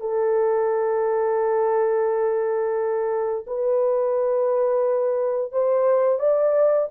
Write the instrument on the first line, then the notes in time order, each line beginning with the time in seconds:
horn
0.00 A4
3.46 B4
5.51 C5
6.19 D5